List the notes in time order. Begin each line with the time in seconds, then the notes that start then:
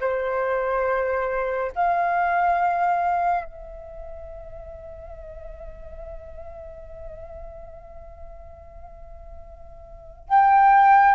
0.00 C5
1.75 F5
3.45 E5
10.29 G5